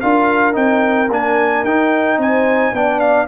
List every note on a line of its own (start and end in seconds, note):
0.00 0.55 D4
0.00 0.52 F4
0.00 2.19 A#4
0.00 0.55 F5
0.52 1.09 C4
0.52 1.07 D#4
0.52 1.10 G5
1.09 1.64 A#3
1.09 1.66 D4
1.09 1.64 G#5
1.64 2.17 D#4
1.64 2.74 D#4
1.64 2.19 G5
2.17 2.72 C4
2.17 2.74 C5
2.17 2.75 G#5
2.72 3.27 B3
2.72 3.27 D4
2.72 3.27 D5
2.72 2.99 G5
2.99 3.27 F5